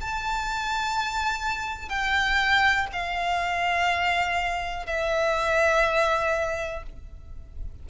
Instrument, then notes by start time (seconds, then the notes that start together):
violin
0.00 A5
1.88 G5
2.92 F5
4.86 E5